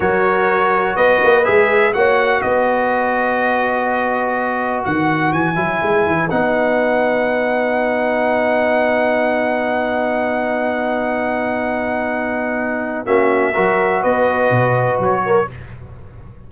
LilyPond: <<
  \new Staff \with { instrumentName = "trumpet" } { \time 4/4 \tempo 4 = 124 cis''2 dis''4 e''4 | fis''4 dis''2.~ | dis''2 fis''4 gis''4~ | gis''4 fis''2.~ |
fis''1~ | fis''1~ | fis''2. e''4~ | e''4 dis''2 cis''4 | }
  \new Staff \with { instrumentName = "horn" } { \time 4/4 ais'2 b'2 | cis''4 b'2.~ | b'1~ | b'1~ |
b'1~ | b'1~ | b'2. fis'4 | ais'4 b'2~ b'8 ais'8 | }
  \new Staff \with { instrumentName = "trombone" } { \time 4/4 fis'2. gis'4 | fis'1~ | fis'2.~ fis'8 e'8~ | e'4 dis'2.~ |
dis'1~ | dis'1~ | dis'2. cis'4 | fis'1 | }
  \new Staff \with { instrumentName = "tuba" } { \time 4/4 fis2 b8 ais8 gis4 | ais4 b2.~ | b2 dis4 e8 fis8 | gis8 e8 b2.~ |
b1~ | b1~ | b2. ais4 | fis4 b4 b,4 fis4 | }
>>